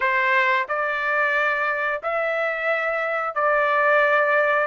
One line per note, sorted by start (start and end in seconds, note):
0.00 0.66 C5
0.68 2.01 D5
2.02 3.35 E5
3.35 4.66 D5